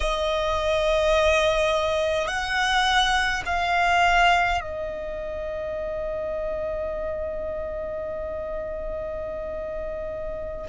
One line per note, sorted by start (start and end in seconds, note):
0.00 2.27 D#5
2.27 3.42 F#5
3.45 4.60 F5
4.60 10.66 D#5